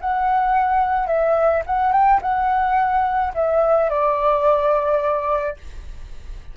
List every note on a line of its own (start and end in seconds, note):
0.00 1.07 F#5
1.07 1.63 E5
1.66 1.92 F#5
1.92 2.20 G5
2.22 3.33 F#5
3.34 3.90 E5
3.90 5.57 D5